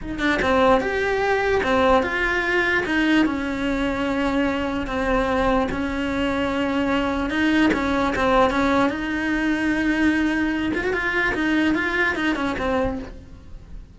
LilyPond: \new Staff \with { instrumentName = "cello" } { \time 4/4 \tempo 4 = 148 dis'8 d'8 c'4 g'2 | c'4 f'2 dis'4 | cis'1 | c'2 cis'2~ |
cis'2 dis'4 cis'4 | c'4 cis'4 dis'2~ | dis'2~ dis'8 f'16 fis'16 f'4 | dis'4 f'4 dis'8 cis'8 c'4 | }